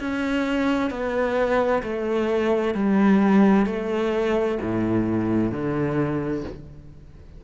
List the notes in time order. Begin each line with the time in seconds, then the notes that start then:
0.00 C#4
0.91 B3
1.83 A3
2.75 G3
3.66 A3
4.62 A2
5.52 D3